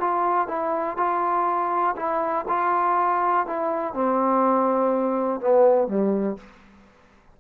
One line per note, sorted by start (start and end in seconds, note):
0.00 0.48 F4
0.48 0.97 E4
0.97 1.95 F4
1.96 2.45 E4
2.48 3.46 F4
3.46 3.94 E4
3.94 5.41 C4
5.41 5.87 B3
5.87 6.37 G3